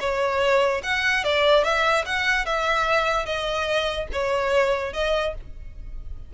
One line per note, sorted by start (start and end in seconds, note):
0.00 0.82 C#5
0.83 1.24 F#5
1.24 1.64 D5
1.64 2.05 E5
2.05 2.46 F#5
2.46 3.25 E5
3.25 4.07 D#5
4.12 4.93 C#5
4.93 5.34 D#5